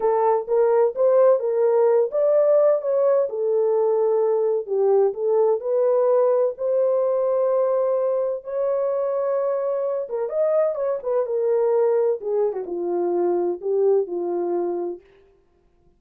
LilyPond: \new Staff \with { instrumentName = "horn" } { \time 4/4 \tempo 4 = 128 a'4 ais'4 c''4 ais'4~ | ais'8 d''4. cis''4 a'4~ | a'2 g'4 a'4 | b'2 c''2~ |
c''2 cis''2~ | cis''4. ais'8 dis''4 cis''8 b'8 | ais'2 gis'8. fis'16 f'4~ | f'4 g'4 f'2 | }